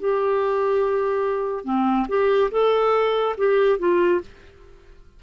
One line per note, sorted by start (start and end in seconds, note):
0.00 1.65 G4
1.65 2.07 C4
2.09 2.51 G4
2.52 3.36 A4
3.38 3.79 G4
3.79 4.21 F4